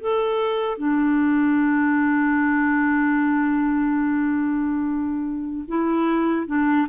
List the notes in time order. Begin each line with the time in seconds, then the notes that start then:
0.00 A4
0.78 D4
5.68 E4
6.46 D4